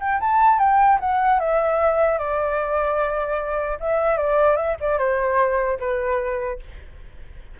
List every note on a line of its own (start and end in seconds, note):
0.00 0.20 G5
0.20 0.59 A5
0.59 0.99 G5
1.00 1.40 F#5
1.40 2.19 E5
2.19 3.79 D5
3.80 4.17 E5
4.17 4.57 D5
4.57 4.77 E5
4.81 4.99 D5
4.99 5.79 C5
5.80 6.60 B4